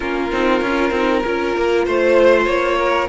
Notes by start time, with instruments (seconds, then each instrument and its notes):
0.00 cello A#3, viola C#4, violin F4 A#4
0.31 cello C4, viola D#4
0.61 cello C#4, viola F4
0.91 cello C4, viola D#4
1.24 cello C#4, viola F4, violin A#4
1.57 cello A#3
1.85 cello A3, violin C5
2.46 cello A#3, violin C#5
2.78 violin A#4